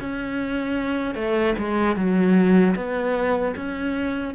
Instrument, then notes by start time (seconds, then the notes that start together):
cello
0.00 C#4
1.15 A3
1.58 G#3
1.96 F#3
2.76 B3
3.56 C#4